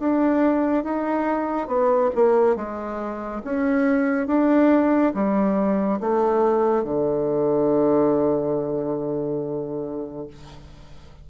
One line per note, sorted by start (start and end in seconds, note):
0.00 0.84 D4
0.84 1.68 D#4
1.68 2.11 B3
2.15 2.56 A#3
2.56 3.42 G#3
3.44 4.27 C#4
4.27 5.13 D4
5.14 6.00 G3
6.00 6.84 A3
6.84 10.27 D3